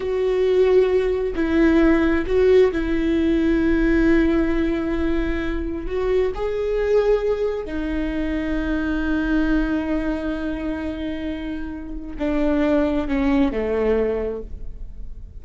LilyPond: \new Staff \with { instrumentName = "viola" } { \time 4/4 \tempo 4 = 133 fis'2. e'4~ | e'4 fis'4 e'2~ | e'1~ | e'4 fis'4 gis'2~ |
gis'4 dis'2.~ | dis'1~ | dis'2. d'4~ | d'4 cis'4 a2 | }